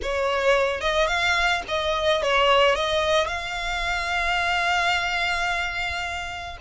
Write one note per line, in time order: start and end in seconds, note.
0.02 0.80 C#5
0.80 1.07 D#5
1.07 1.62 F5
1.67 2.22 D#5
2.22 2.75 C#5
2.75 3.27 D#5
3.27 6.57 F5